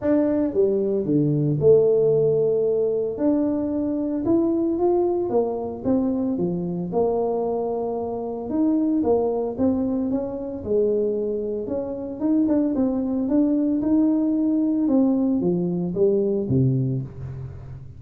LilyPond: \new Staff \with { instrumentName = "tuba" } { \time 4/4 \tempo 4 = 113 d'4 g4 d4 a4~ | a2 d'2 | e'4 f'4 ais4 c'4 | f4 ais2. |
dis'4 ais4 c'4 cis'4 | gis2 cis'4 dis'8 d'8 | c'4 d'4 dis'2 | c'4 f4 g4 c4 | }